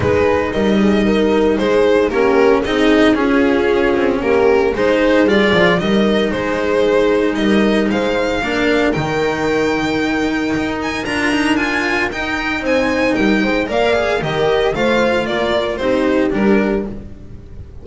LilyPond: <<
  \new Staff \with { instrumentName = "violin" } { \time 4/4 \tempo 4 = 114 b'4 dis''2 c''4 | ais'4 dis''4 gis'2 | ais'4 c''4 d''4 dis''4 | c''2 dis''4 f''4~ |
f''4 g''2.~ | g''8 gis''8 ais''4 gis''4 g''4 | gis''4 g''4 f''4 dis''4 | f''4 d''4 c''4 ais'4 | }
  \new Staff \with { instrumentName = "horn" } { \time 4/4 gis'4 ais'8 gis'8 ais'4 gis'4 | g'4 gis'4 f'2 | g'4 gis'2 ais'4 | gis'2 ais'4 c''4 |
ais'1~ | ais'1 | c''4 ais'8 c''8 d''4 ais'4 | c''4 ais'4 g'2 | }
  \new Staff \with { instrumentName = "cello" } { \time 4/4 dis'1 | cis'4 dis'4 cis'2~ | cis'4 dis'4 f'4 dis'4~ | dis'1 |
d'4 dis'2.~ | dis'4 f'8 dis'8 f'4 dis'4~ | dis'2 ais'8 gis'8 g'4 | f'2 dis'4 d'4 | }
  \new Staff \with { instrumentName = "double bass" } { \time 4/4 gis4 g2 gis4 | ais4 c'4 cis'4. c'8 | ais4 gis4 g8 f8 g4 | gis2 g4 gis4 |
ais4 dis2. | dis'4 d'2 dis'4 | c'4 g8 gis8 ais4 dis4 | a4 ais4 c'4 g4 | }
>>